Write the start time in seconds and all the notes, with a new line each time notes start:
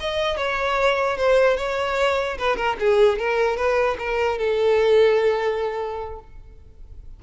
0.00 D#5
0.37 C#5
1.17 C5
1.57 C#5
2.38 B4
2.56 A#4
2.80 G#4
3.19 A#4
3.57 B4
3.99 A#4
4.38 A4